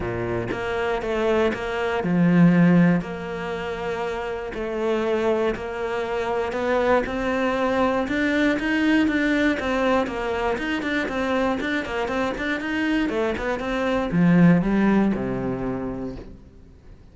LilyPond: \new Staff \with { instrumentName = "cello" } { \time 4/4 \tempo 4 = 119 ais,4 ais4 a4 ais4 | f2 ais2~ | ais4 a2 ais4~ | ais4 b4 c'2 |
d'4 dis'4 d'4 c'4 | ais4 dis'8 d'8 c'4 d'8 ais8 | c'8 d'8 dis'4 a8 b8 c'4 | f4 g4 c2 | }